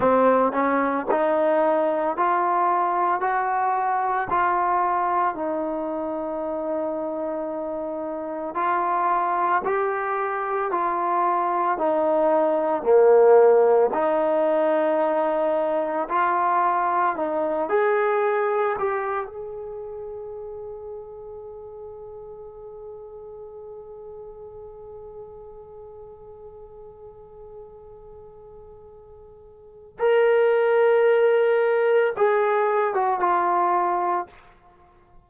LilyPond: \new Staff \with { instrumentName = "trombone" } { \time 4/4 \tempo 4 = 56 c'8 cis'8 dis'4 f'4 fis'4 | f'4 dis'2. | f'4 g'4 f'4 dis'4 | ais4 dis'2 f'4 |
dis'8 gis'4 g'8 gis'2~ | gis'1~ | gis'1 | ais'2 gis'8. fis'16 f'4 | }